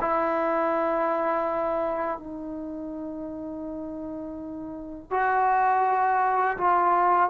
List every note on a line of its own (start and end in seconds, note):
0.00 2.18 E4
2.18 5.10 D#4
5.10 6.57 F#4
6.57 7.30 F4